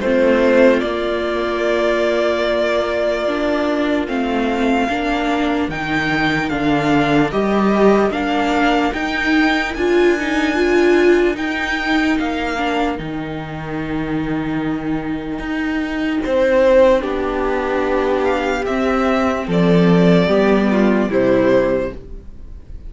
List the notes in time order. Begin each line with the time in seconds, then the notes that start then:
0.00 A3 C4 F4 C5
0.80 A#3 D5
3.28 D4
4.07 A3 C4 F5
4.87 A#3 D4 A#4
5.68 D#3 D#4 G5
6.49 D3 D4 F5
7.31 G3 G4 D#5
8.10 A#3 D4 F5
8.93 D#4 G5
9.74 D4 F4 G#5
10.19 D#4
10.55 F4
11.34 D#4 G5
12.19 A#3 F5
12.57 D4
12.97 D#3 D#4 G5
15.39 D#4
16.24 C4 C5
17.00 B3 D4 G4
18.24 F5
18.66 C4 E5
19.47 F3 A4 D5
20.27 G3 B3 G4
20.71 F4
21.08 C3 G3 E4 C5